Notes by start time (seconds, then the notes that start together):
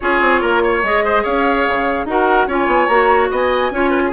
0.00 C#4 F4 G#4 C#5
0.21 C4
0.41 A#3 A#4
0.63 C#5
0.83 G#3 G#4 D#5
1.04 C5
1.23 C#4 C#5 F5
1.68 C#3
2.05 D#4 F#4 A#4 F#5
2.47 C#4 F4 C#5 G#5
2.66 B3
2.87 A#3 F#4 A#5
3.30 B3 D#5 G#5
3.70 C#4 F4 C#5
3.90 B4
4.05 G#4